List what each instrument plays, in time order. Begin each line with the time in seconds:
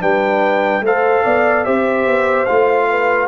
0.00 tuba G3, trombone D4, horn B4, trumpet G5
0.80 tuba A3, trombone A4, horn C5, trumpet F5
1.24 tuba B3, horn D5
1.64 tuba C4, trombone G4, horn C5, trumpet E5
2.06 tuba B3
2.45 tuba A3, trombone F4, trumpet F5
2.89 horn B4